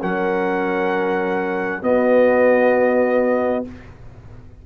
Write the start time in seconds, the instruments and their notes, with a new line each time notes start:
0.00 tuba F#3, trombone C#4, horn A#4, trumpet F#5
1.83 trombone B3, tuba B3, horn F#4, trumpet D#5